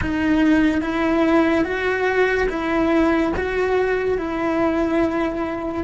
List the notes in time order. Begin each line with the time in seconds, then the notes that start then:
0.01 D#4
0.81 E4
1.64 F#4
2.49 E4
3.36 F#4
4.17 E4